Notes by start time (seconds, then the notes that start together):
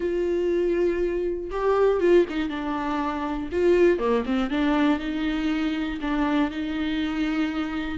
0.00 F4
1.50 G4
2.00 F4
2.29 D#4
2.49 D4
3.52 F4
3.99 A#3
4.25 C4
4.50 D4
4.99 D#4
6.01 D4
6.50 D#4